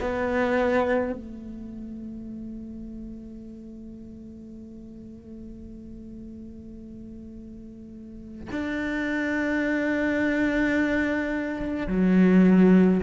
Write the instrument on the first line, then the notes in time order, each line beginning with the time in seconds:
cello
0.00 B3
1.12 A3
8.52 D4
11.87 F#3